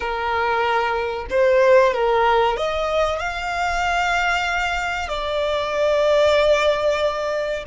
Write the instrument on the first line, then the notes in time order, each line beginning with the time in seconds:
violin
0.00 A#4
1.30 C5
1.93 A#4
2.56 D#5
3.19 F5
5.08 D5